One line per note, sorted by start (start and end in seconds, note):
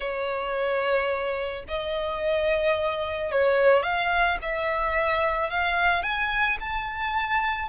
0.00 1.64 C#5
1.68 3.31 D#5
3.31 3.83 C#5
3.83 4.38 F5
4.42 5.50 E5
5.50 6.02 F5
6.02 6.57 G#5
6.60 7.68 A5